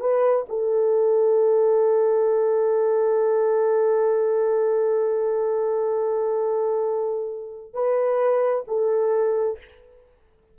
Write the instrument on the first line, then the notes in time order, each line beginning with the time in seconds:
horn
0.00 B4
0.49 A4
7.74 B4
8.68 A4